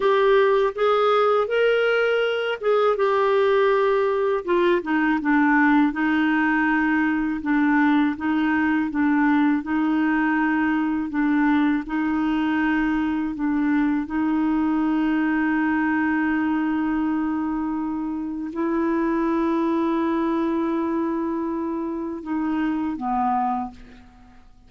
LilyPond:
\new Staff \with { instrumentName = "clarinet" } { \time 4/4 \tempo 4 = 81 g'4 gis'4 ais'4. gis'8 | g'2 f'8 dis'8 d'4 | dis'2 d'4 dis'4 | d'4 dis'2 d'4 |
dis'2 d'4 dis'4~ | dis'1~ | dis'4 e'2.~ | e'2 dis'4 b4 | }